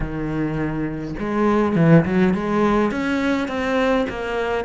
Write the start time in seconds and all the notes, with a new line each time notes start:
0.00 D#3
1.19 G#3
1.75 E3
2.05 F#3
2.34 G#3
2.91 C#4
3.48 C4
4.09 A#3